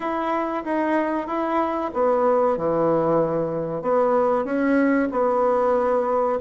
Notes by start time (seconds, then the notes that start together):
0.00 E4
0.64 D#4
1.27 E4
1.93 B3
2.57 E3
3.82 B3
4.44 C#4
5.11 B3